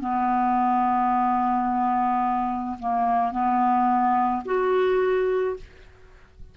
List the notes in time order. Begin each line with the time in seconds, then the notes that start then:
0.00 B3
2.79 A#3
3.31 B3
4.45 F#4